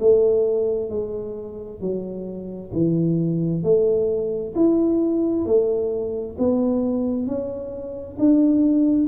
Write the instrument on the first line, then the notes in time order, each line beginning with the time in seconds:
tuba
0.00 A3
0.90 G#3
1.81 F#3
2.73 E3
3.63 A3
4.55 E4
5.46 A3
6.39 B3
7.27 C#4
8.19 D4